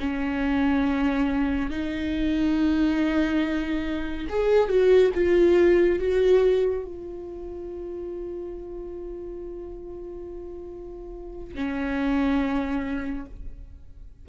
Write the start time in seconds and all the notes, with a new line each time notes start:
0.00 C#4
1.70 D#4
4.30 G#4
4.69 F#4
5.15 F4
5.99 F#4
6.85 F4
11.54 C#4